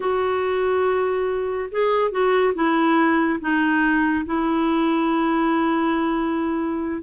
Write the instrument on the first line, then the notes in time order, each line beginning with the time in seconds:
clarinet
0.00 F#4
1.71 G#4
2.11 F#4
2.54 E4
3.40 D#4
4.25 E4